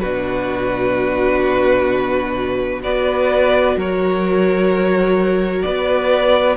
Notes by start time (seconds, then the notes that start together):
0.00 B2 D4 F#4 B4
2.83 B3 F#4 B4 D5
3.77 F#3 A#4 C#5
5.63 B3 B4 D5